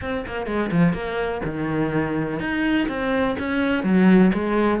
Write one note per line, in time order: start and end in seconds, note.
0.01 0.25 C4
0.26 0.46 A#3
0.46 0.70 G#3
0.71 0.93 F3
0.93 1.41 A#3
1.44 2.39 D#3
2.39 2.87 D#4
2.88 3.36 C4
3.38 3.83 C#4
3.83 4.31 F#3
4.33 4.80 G#3